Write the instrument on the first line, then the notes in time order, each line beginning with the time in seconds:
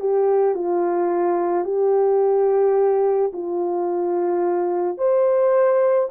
horn
0.00 G4
0.55 F4
1.65 G4
3.33 F4
4.98 C5